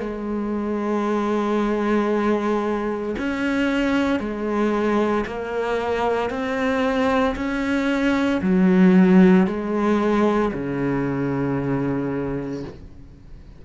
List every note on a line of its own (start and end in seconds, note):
0.00 3.16 G#3
3.19 4.20 C#4
4.20 5.25 G#3
5.26 6.30 A#3
6.30 7.35 C4
7.36 8.41 C#4
8.42 9.47 F#3
9.47 10.53 G#3
10.54 12.64 C#3